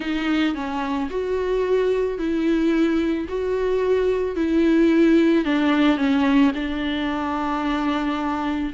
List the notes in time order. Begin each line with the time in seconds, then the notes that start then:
0.00 D#4
0.54 C#4
1.10 F#4
2.18 E4
3.28 F#4
4.35 E4
5.44 D4
5.97 C#4
6.55 D4